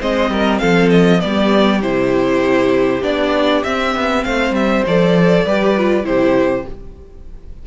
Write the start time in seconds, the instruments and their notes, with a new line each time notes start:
0.00 cello G#3, viola C4, violin C5 D#5
0.29 cello G3, violin A#4
0.59 cello F3, violin A4 F5
0.90 violin D#5
1.19 cello G3, viola B3, violin G4 D5
1.82 cello C3, viola E4, violin C5
3.02 cello B3, viola D4, violin D5
3.63 viola C4, cello C4, violin E5
3.95 cello B3
4.24 cello A3, violin C5 F5
4.51 cello G3, violin E5
4.86 cello F3, viola A4, violin D5
5.44 cello G3, viola G4, violin B4
5.77 viola F4
6.03 cello C3, viola E4, violin G4 C5